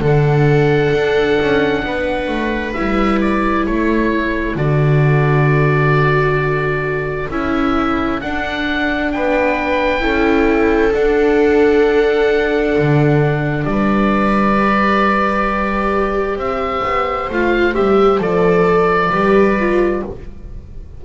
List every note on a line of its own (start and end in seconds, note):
0.00 0.91 D3
0.00 2.76 D4
0.00 1.83 A4
0.00 2.74 F#5
0.93 1.39 D4
1.41 1.84 C#4
1.84 2.28 B3
1.84 3.68 B4
2.28 2.73 A3
2.74 3.67 G3
2.74 4.57 E4
2.74 3.19 E5
3.21 3.65 D5
3.65 4.55 A3
3.65 9.13 A4
3.65 4.56 C#5
4.55 7.28 D3
4.55 7.30 F#4
4.55 7.30 D5
7.30 8.21 C#4
7.30 8.21 E4
7.30 8.21 E5
8.21 10.00 D4
8.21 9.14 D4
8.21 9.12 F#5
9.12 10.02 B3
9.12 10.03 B4
9.12 10.94 G5
10.00 10.93 C#4
10.00 10.91 E4
10.00 13.66 A4
10.92 14.56 D4
10.92 12.76 D4
10.92 13.65 F#5
12.78 13.64 D3
13.64 16.36 G3
13.64 16.38 D5
13.70 16.38 B4
14.58 17.30 G4
16.36 16.81 C4
16.36 19.10 C5
16.36 17.30 E5
16.83 17.29 B3
17.30 17.75 A3
17.30 17.74 F4
17.30 17.75 F5
17.74 18.20 G3
17.74 18.19 G4
17.74 18.20 E5
18.19 19.10 F3
18.19 19.10 A4
18.19 20.04 D5
19.10 20.02 G3
19.10 19.58 G4
19.10 20.01 B4
19.60 20.05 F4